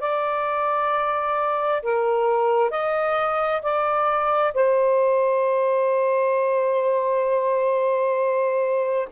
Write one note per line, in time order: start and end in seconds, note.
0.00 1.82 D5
1.82 2.71 A#4
2.71 3.62 D#5
3.62 4.53 D5
4.54 9.09 C5